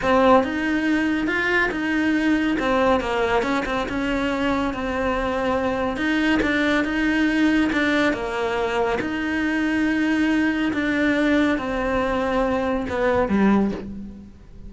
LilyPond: \new Staff \with { instrumentName = "cello" } { \time 4/4 \tempo 4 = 140 c'4 dis'2 f'4 | dis'2 c'4 ais4 | cis'8 c'8 cis'2 c'4~ | c'2 dis'4 d'4 |
dis'2 d'4 ais4~ | ais4 dis'2.~ | dis'4 d'2 c'4~ | c'2 b4 g4 | }